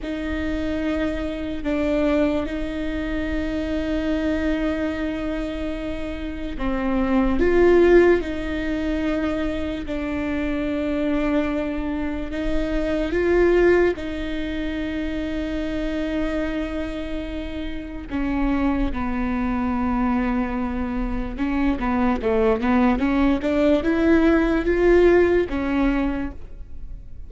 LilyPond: \new Staff \with { instrumentName = "viola" } { \time 4/4 \tempo 4 = 73 dis'2 d'4 dis'4~ | dis'1 | c'4 f'4 dis'2 | d'2. dis'4 |
f'4 dis'2.~ | dis'2 cis'4 b4~ | b2 cis'8 b8 a8 b8 | cis'8 d'8 e'4 f'4 cis'4 | }